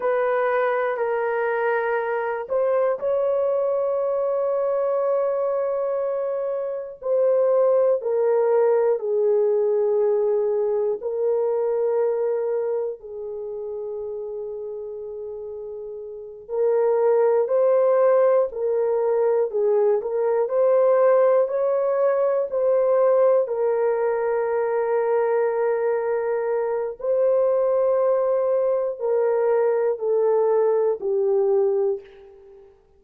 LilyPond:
\new Staff \with { instrumentName = "horn" } { \time 4/4 \tempo 4 = 60 b'4 ais'4. c''8 cis''4~ | cis''2. c''4 | ais'4 gis'2 ais'4~ | ais'4 gis'2.~ |
gis'8 ais'4 c''4 ais'4 gis'8 | ais'8 c''4 cis''4 c''4 ais'8~ | ais'2. c''4~ | c''4 ais'4 a'4 g'4 | }